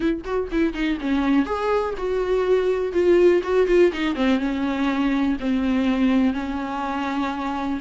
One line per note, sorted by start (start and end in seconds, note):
0.00 0.22 E4
0.24 0.49 F#4
0.51 0.73 E4
0.73 0.98 D#4
1.00 1.45 C#4
1.45 1.94 G#4
1.97 2.92 F#4
2.92 3.41 F4
3.43 3.67 F#4
3.67 3.91 F4
3.92 4.15 D#4
4.15 4.39 C4
4.39 5.36 C#4
5.40 6.33 C4
6.33 7.80 C#4